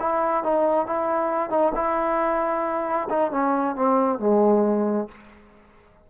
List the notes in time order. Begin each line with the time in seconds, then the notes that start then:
0.00 E4
0.44 D#4
0.87 E4
1.51 D#4
1.75 E4
3.10 D#4
3.32 C#4
3.76 C4
4.20 G#3